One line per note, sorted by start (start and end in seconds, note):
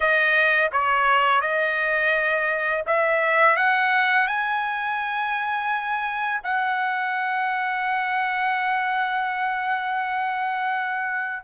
0.00 0.70 D#5
0.71 1.41 C#5
1.41 2.83 D#5
2.86 3.56 E5
3.56 4.27 F#5
4.27 6.41 G#5
6.43 11.43 F#5